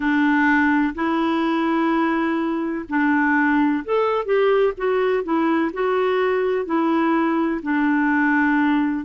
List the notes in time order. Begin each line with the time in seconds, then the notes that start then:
0.00 D4
0.94 E4
2.88 D4
3.84 A4
4.25 G4
4.77 F#4
5.23 E4
5.73 F#4
6.65 E4
7.62 D4